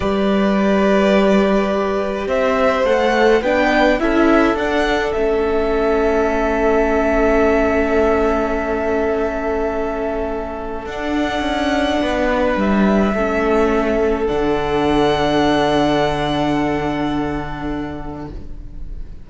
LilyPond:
<<
  \new Staff \with { instrumentName = "violin" } { \time 4/4 \tempo 4 = 105 d''1 | e''4 fis''4 g''4 e''4 | fis''4 e''2.~ | e''1~ |
e''2. fis''4~ | fis''2 e''2~ | e''4 fis''2.~ | fis''1 | }
  \new Staff \with { instrumentName = "violin" } { \time 4/4 b'1 | c''2 b'4 a'4~ | a'1~ | a'1~ |
a'1~ | a'4 b'2 a'4~ | a'1~ | a'1 | }
  \new Staff \with { instrumentName = "viola" } { \time 4/4 g'1~ | g'4 a'4 d'4 e'4 | d'4 cis'2.~ | cis'1~ |
cis'2. d'4~ | d'2. cis'4~ | cis'4 d'2.~ | d'1 | }
  \new Staff \with { instrumentName = "cello" } { \time 4/4 g1 | c'4 a4 b4 cis'4 | d'4 a2.~ | a1~ |
a2. d'4 | cis'4 b4 g4 a4~ | a4 d2.~ | d1 | }
>>